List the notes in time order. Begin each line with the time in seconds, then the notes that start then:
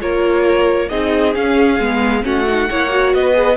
0.00 A#3 F4 A#4 C#5
0.89 C4 D#4 G#4 D#5
1.34 C#4 F5
1.79 G#3 B3
2.23 A3 C#4 F#4 F#5
2.47 D#4
2.70 A#3 E4 C#5
2.89 F#4
3.13 B3 B4 D#5
3.34 G#4